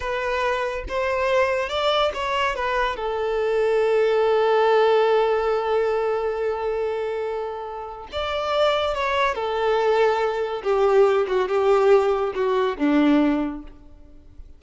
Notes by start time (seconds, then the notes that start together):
0.00 B4
0.88 C5
1.69 D5
2.14 C#5
2.55 B4
2.96 A4
8.12 D5
8.94 C#5
9.34 A4
10.63 G4
11.27 F#4
11.48 G4
12.34 F#4
12.77 D4